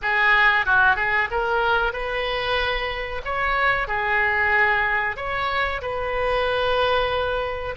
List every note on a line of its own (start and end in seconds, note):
0.01 0.65 G#4
0.65 0.96 F#4
0.96 1.28 G#4
1.30 1.92 A#4
1.92 3.21 B4
3.25 3.87 C#5
3.87 5.16 G#4
5.16 5.81 C#5
5.81 7.75 B4